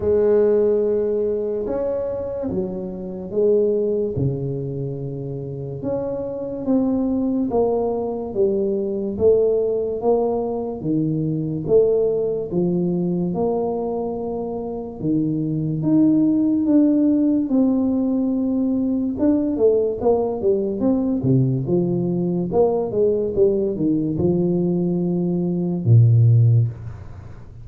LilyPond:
\new Staff \with { instrumentName = "tuba" } { \time 4/4 \tempo 4 = 72 gis2 cis'4 fis4 | gis4 cis2 cis'4 | c'4 ais4 g4 a4 | ais4 dis4 a4 f4 |
ais2 dis4 dis'4 | d'4 c'2 d'8 a8 | ais8 g8 c'8 c8 f4 ais8 gis8 | g8 dis8 f2 ais,4 | }